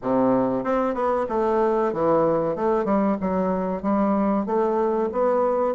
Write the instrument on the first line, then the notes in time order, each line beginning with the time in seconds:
bassoon
0.02 C3
0.64 C4
0.94 B3
1.29 A3
1.93 E3
2.55 A3
2.84 G3
3.21 F#3
3.82 G3
4.45 A3
5.12 B3